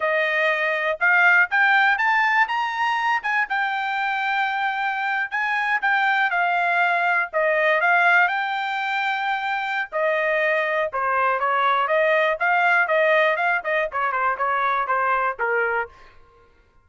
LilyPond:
\new Staff \with { instrumentName = "trumpet" } { \time 4/4 \tempo 4 = 121 dis''2 f''4 g''4 | a''4 ais''4. gis''8 g''4~ | g''2~ g''8. gis''4 g''16~ | g''8. f''2 dis''4 f''16~ |
f''8. g''2.~ g''16 | dis''2 c''4 cis''4 | dis''4 f''4 dis''4 f''8 dis''8 | cis''8 c''8 cis''4 c''4 ais'4 | }